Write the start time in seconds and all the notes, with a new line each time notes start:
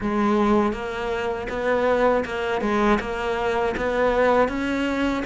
0.00 G#3
0.72 A#3
1.49 B3
2.25 A#3
2.61 G#3
3.00 A#3
3.76 B3
4.48 C#4